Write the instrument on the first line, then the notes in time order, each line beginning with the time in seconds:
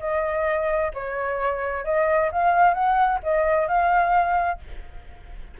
flute
0.00 D#5
0.94 C#5
1.84 D#5
2.32 F5
2.74 F#5
3.23 D#5
3.68 F5